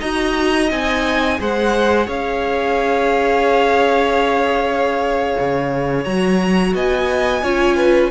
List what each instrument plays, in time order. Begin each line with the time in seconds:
0.00 cello D#4, viola F#4, violin D#5 A#5
0.71 cello C4, viola D#4, violin G#5
1.39 cello G#3, viola G#4, violin C5 F#5
2.07 cello C#4, violin C#5 F5
5.39 cello C#3
6.05 cello F#3, viola F#4, violin A#5
6.75 cello B3, violin D#5 G#5
7.43 cello C#4, viola F4, violin C#5
7.77 violin B4